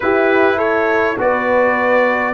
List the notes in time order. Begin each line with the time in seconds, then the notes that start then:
0.00 E4 G4 B4
0.57 A4 C#5
1.17 B3 F#4 B4 D5